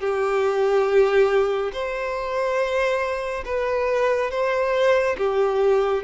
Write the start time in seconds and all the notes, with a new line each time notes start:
0.00 G4
1.73 C5
3.45 B4
4.31 C5
5.17 G4